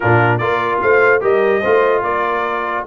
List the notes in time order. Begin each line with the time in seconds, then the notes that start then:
0.00 A#2 D4 F4 A#4
0.38 A#3 F4 A#4 D5
0.81 A3 C5 F5
1.20 G3 G4 A#4 D#5
1.60 A3 F4 C5
2.02 A#3 A#4 D5